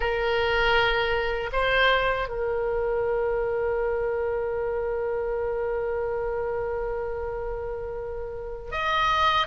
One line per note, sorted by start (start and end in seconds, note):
0.00 1.50 A#4
1.52 2.28 C5
2.28 8.71 A#4
8.71 9.47 D#5